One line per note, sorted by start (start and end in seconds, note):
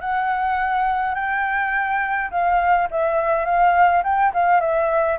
0.00 1.15 F#5
1.15 2.30 G5
2.31 2.88 F5
2.91 3.45 E5
3.45 4.02 F5
4.03 4.32 G5
4.33 4.60 F5
4.60 5.18 E5